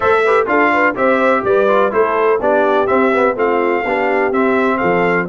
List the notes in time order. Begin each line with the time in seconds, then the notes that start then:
0.00 A3 A4 C5 E5
0.24 G4 B4
0.46 D4 F4 A4 F5
0.72 B4
0.95 C4 G4 C5 E5
1.44 G3 B4 D5
1.68 F4
1.90 A3 E4 A4 C5
2.39 B3 D4 G4 D5
2.86 C4 E5
3.14 B3
3.35 A3 C4 F4 F5
3.84 B3 D4 G4
4.31 C4 E5
4.77 F3 A4 F5